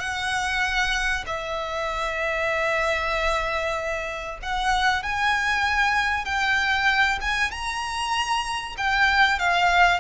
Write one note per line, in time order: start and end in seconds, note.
0.00 1.25 F#5
1.27 4.39 E5
4.42 5.03 F#5
5.03 6.25 G#5
6.25 7.19 G5
7.21 7.51 G#5
7.51 8.76 A#5
8.78 9.39 G5
9.39 10.00 F5